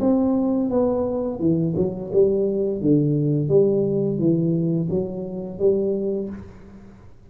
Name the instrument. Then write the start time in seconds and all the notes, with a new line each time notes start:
tuba
0.00 C4
0.70 B3
1.40 E3
1.76 F#3
2.12 G3
2.81 D3
3.49 G3
4.19 E3
4.90 F#3
5.59 G3